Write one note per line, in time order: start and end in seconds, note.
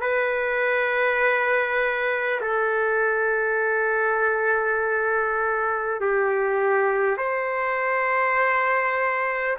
0.00 2.40 B4
2.41 6.00 A4
6.00 7.17 G4
7.17 9.57 C5